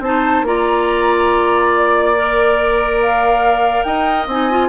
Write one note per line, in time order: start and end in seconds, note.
0.00 0.42 C4
0.00 0.45 D#4
0.00 0.46 C5
0.00 0.45 A5
0.42 3.83 A#3
0.42 2.16 F4
0.42 3.86 D5
0.42 1.73 A#5
1.76 3.01 D5
2.16 4.29 A#4
3.01 3.83 F5
3.83 4.27 D#4
3.83 4.68 D#5
3.83 4.26 G5
4.27 4.68 C4
4.27 4.50 D#4
4.27 4.68 G#5
4.50 4.68 F4